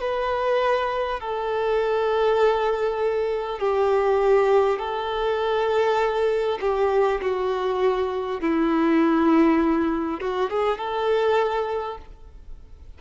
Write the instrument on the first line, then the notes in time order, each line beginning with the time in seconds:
violin
0.00 B4
1.20 A4
3.59 G4
4.78 A4
6.60 G4
7.21 F#4
8.40 E4
10.20 F#4
10.49 G#4
10.78 A4